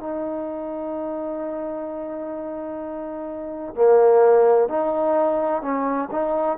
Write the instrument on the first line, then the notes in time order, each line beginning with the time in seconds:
trombone
0.00 D#4
3.75 A#3
4.69 D#4
5.62 C#4
6.12 D#4